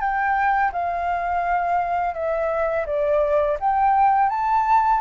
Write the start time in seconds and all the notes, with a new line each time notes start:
0.00 G5
0.72 F5
2.14 E5
2.86 D5
3.60 G5
4.29 A5